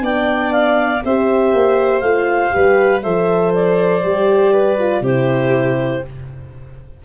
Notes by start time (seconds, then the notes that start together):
0.00 B3 D4 D5 G5
0.52 F5
1.04 C4 G4 C5 E5
1.53 A#3
2.00 A3 F4 F5
2.50 G3 G4 B4
3.02 F3 A4 C5 E5
3.54 D5
4.03 G3 G4
4.53 B4
4.78 F4
5.01 C3 E4 G4 C5